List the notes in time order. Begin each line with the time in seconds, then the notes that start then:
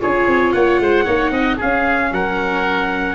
0.00 C#4 F4 G#4 C#5
0.27 C4
0.53 A#3 C#5 F#5
0.80 G#3 C5
1.05 A#3 D#4 C#5
1.31 C4 D#5
1.57 C#4 G#4 F5
2.12 F#3 A#4 F#5